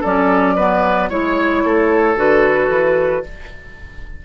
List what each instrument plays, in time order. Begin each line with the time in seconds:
0.00 bassoon F#3, clarinet C#4, oboe A4, flute D5
0.56 clarinet B3, oboe B4
1.09 bassoon G#3, clarinet E4, oboe C#5, flute C#5
1.64 bassoon A3, oboe A4
2.16 bassoon D3, clarinet F#4, flute B4
2.68 bassoon E3